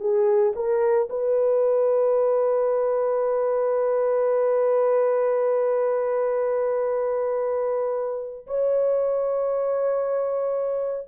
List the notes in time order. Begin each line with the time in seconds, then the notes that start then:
0.00 G#4
0.55 A#4
1.09 B4
8.47 C#5